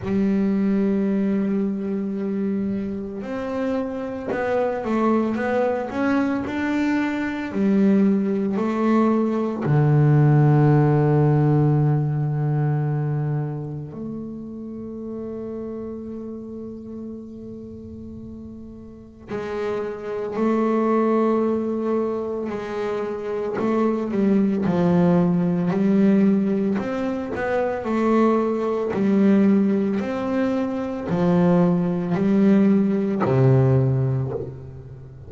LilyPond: \new Staff \with { instrumentName = "double bass" } { \time 4/4 \tempo 4 = 56 g2. c'4 | b8 a8 b8 cis'8 d'4 g4 | a4 d2.~ | d4 a2.~ |
a2 gis4 a4~ | a4 gis4 a8 g8 f4 | g4 c'8 b8 a4 g4 | c'4 f4 g4 c4 | }